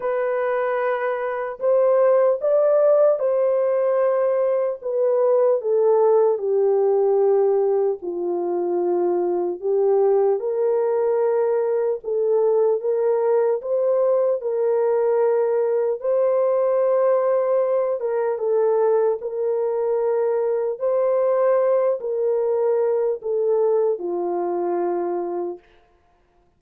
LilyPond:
\new Staff \with { instrumentName = "horn" } { \time 4/4 \tempo 4 = 75 b'2 c''4 d''4 | c''2 b'4 a'4 | g'2 f'2 | g'4 ais'2 a'4 |
ais'4 c''4 ais'2 | c''2~ c''8 ais'8 a'4 | ais'2 c''4. ais'8~ | ais'4 a'4 f'2 | }